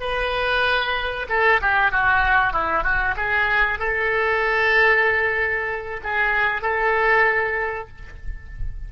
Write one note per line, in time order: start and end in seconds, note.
0.00 1.26 B4
1.29 1.60 A4
1.61 1.91 G4
1.91 2.53 F#4
2.53 2.83 E4
2.83 3.15 F#4
3.17 3.79 G#4
3.79 6.00 A4
6.03 6.62 G#4
6.62 7.88 A4